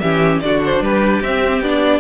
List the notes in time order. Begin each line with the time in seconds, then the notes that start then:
0.00 E3 C#4 G4 E5
0.41 D3 D4 F#4 D5
0.65 C5
0.81 G3 G4 B4
1.21 C4 E5
1.61 B3 D4 D5